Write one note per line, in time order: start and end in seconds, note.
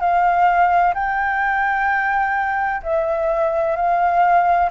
0.00 0.94 F5
0.94 2.82 G5
2.83 3.76 E5
3.76 4.70 F5